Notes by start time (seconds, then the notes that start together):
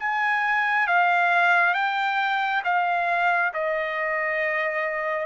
0.00 G#5
0.87 F5
1.74 G5
2.65 F5
3.54 D#5